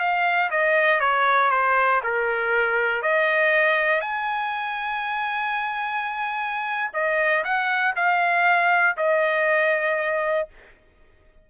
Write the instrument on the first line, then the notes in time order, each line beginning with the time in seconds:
trumpet
0.00 F5
0.51 D#5
1.01 C#5
1.51 C5
2.04 A#4
3.03 D#5
4.01 G#5
6.94 D#5
7.45 F#5
7.96 F5
8.97 D#5